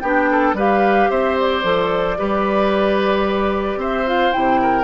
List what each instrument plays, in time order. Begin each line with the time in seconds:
0.00 bassoon B3, clarinet D4, oboe G4, flute G5
0.31 oboe A4
0.53 bassoon G3, clarinet G4, oboe B4, flute F5
1.10 bassoon C4, oboe C5, flute E5
1.39 flute D5
1.62 bassoon F3, clarinet A4
2.17 bassoon G3, clarinet G4, oboe B4
3.76 bassoon C4, oboe C5, flute E5
4.06 clarinet F4, flute F5
4.32 bassoon C3, clarinet E4, flute G5
4.61 oboe A#4